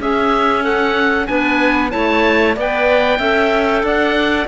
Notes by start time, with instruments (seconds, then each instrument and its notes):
0.00 cello C#4, clarinet C#4 G#4, oboe E5
0.63 clarinet A4, oboe F#5
1.27 cello B3, clarinet D4 B4, oboe G#5
1.91 cello A3, clarinet E4 C#5, oboe A5
2.56 cello B3, clarinet B4 D5, oboe G5
3.19 cello C#4, clarinet A4 E5
3.83 cello D4, clarinet D5, oboe F#5